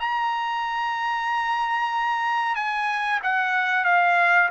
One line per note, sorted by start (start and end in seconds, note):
0.00 2.56 A#5
2.56 3.20 G#5
3.23 3.85 F#5
3.85 4.50 F5